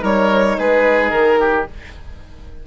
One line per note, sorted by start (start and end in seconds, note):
0.00 0.57 G3
0.00 1.65 D#4
0.00 0.56 A#4
0.00 0.59 C#5
0.58 1.11 G#3
0.58 1.39 G#4
0.58 1.10 B4
1.10 1.66 D#3
1.10 1.65 A#4
1.39 1.67 G4